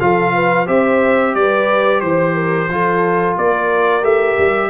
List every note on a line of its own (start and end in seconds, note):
0.00 0.68 F3
0.00 0.67 F4
0.00 0.34 A4
0.00 0.67 F5
0.34 0.66 B4
0.66 1.35 C4
0.66 2.69 G4
0.66 1.34 C5
0.66 1.35 E5
1.35 2.02 G3
1.35 2.02 B4
1.35 2.01 D5
2.01 2.69 E3
2.01 3.35 C5
2.01 2.35 C5
2.35 2.69 A#4
2.69 3.36 F3
2.69 4.03 F4
2.69 3.39 A4
3.38 4.03 A#3
3.38 4.70 A#4
3.38 4.04 D5
4.03 4.37 A3
4.03 4.70 G4
4.03 4.70 E5
4.38 4.70 G3